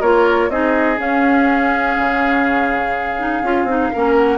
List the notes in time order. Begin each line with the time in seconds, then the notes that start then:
0.00 A#3 F4 A#4 C#5
0.49 C4 D#4 G#4 D#5
0.96 C#4 F5
1.98 C#3
3.18 D#4
3.42 C#4 F4
3.64 C4 D#4
3.92 A#3 C#4 A#4
4.16 F#5